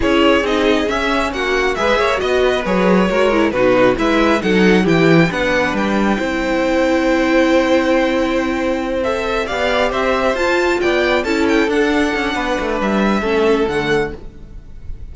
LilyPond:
<<
  \new Staff \with { instrumentName = "violin" } { \time 4/4 \tempo 4 = 136 cis''4 dis''4 e''4 fis''4 | e''4 dis''4 cis''2 | b'4 e''4 fis''4 g''4 | fis''4 g''2.~ |
g''1~ | g''8 e''4 f''4 e''4 a''8~ | a''8 g''4 a''8 g''8 fis''4.~ | fis''4 e''2 fis''4 | }
  \new Staff \with { instrumentName = "violin" } { \time 4/4 gis'2. fis'4 | b'8 cis''8 dis''8 b'4. ais'4 | fis'4 b'4 a'4 g'4 | b'2 c''2~ |
c''1~ | c''4. d''4 c''4.~ | c''8 d''4 a'2~ a'8 | b'2 a'2 | }
  \new Staff \with { instrumentName = "viola" } { \time 4/4 e'4 dis'4 cis'2 | gis'4 fis'4 gis'4 fis'8 e'8 | dis'4 e'4 dis'4 e'4 | d'2 e'2~ |
e'1~ | e'8 a'4 g'2 f'8~ | f'4. e'4 d'4.~ | d'2 cis'4 a4 | }
  \new Staff \with { instrumentName = "cello" } { \time 4/4 cis'4 c'4 cis'4 ais4 | gis8 ais8 b4 fis4 gis4 | b,4 gis4 fis4 e4 | b4 g4 c'2~ |
c'1~ | c'4. b4 c'4 f'8~ | f'8 b4 cis'4 d'4 cis'8 | b8 a8 g4 a4 d4 | }
>>